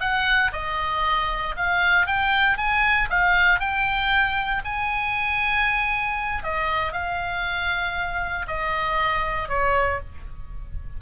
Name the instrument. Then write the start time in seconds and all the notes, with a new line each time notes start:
oboe
0.00 F#5
0.52 D#5
1.56 F5
2.06 G5
2.57 G#5
3.09 F5
3.59 G5
4.64 G#5
6.43 D#5
6.92 F5
8.47 D#5
9.48 C#5